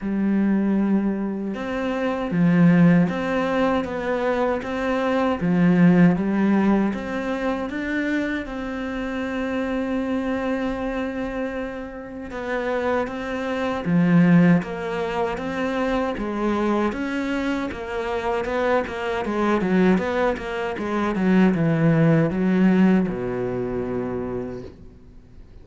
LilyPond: \new Staff \with { instrumentName = "cello" } { \time 4/4 \tempo 4 = 78 g2 c'4 f4 | c'4 b4 c'4 f4 | g4 c'4 d'4 c'4~ | c'1 |
b4 c'4 f4 ais4 | c'4 gis4 cis'4 ais4 | b8 ais8 gis8 fis8 b8 ais8 gis8 fis8 | e4 fis4 b,2 | }